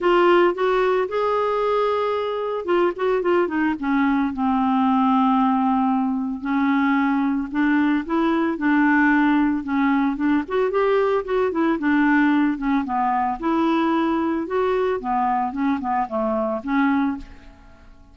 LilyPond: \new Staff \with { instrumentName = "clarinet" } { \time 4/4 \tempo 4 = 112 f'4 fis'4 gis'2~ | gis'4 f'8 fis'8 f'8 dis'8 cis'4 | c'1 | cis'2 d'4 e'4 |
d'2 cis'4 d'8 fis'8 | g'4 fis'8 e'8 d'4. cis'8 | b4 e'2 fis'4 | b4 cis'8 b8 a4 cis'4 | }